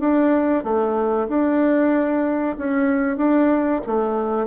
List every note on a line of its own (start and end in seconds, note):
0.00 0.64 D4
0.64 1.28 A3
1.29 2.56 D4
2.58 3.17 C#4
3.17 3.81 D4
3.86 4.47 A3